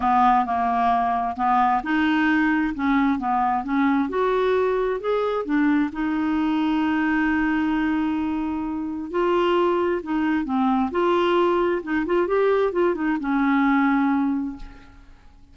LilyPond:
\new Staff \with { instrumentName = "clarinet" } { \time 4/4 \tempo 4 = 132 b4 ais2 b4 | dis'2 cis'4 b4 | cis'4 fis'2 gis'4 | d'4 dis'2.~ |
dis'1 | f'2 dis'4 c'4 | f'2 dis'8 f'8 g'4 | f'8 dis'8 cis'2. | }